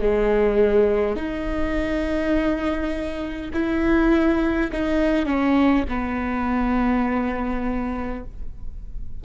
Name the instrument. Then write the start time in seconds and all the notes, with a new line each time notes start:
viola
0.00 G#3
1.16 D#4
3.53 E4
4.72 D#4
5.26 C#4
5.88 B3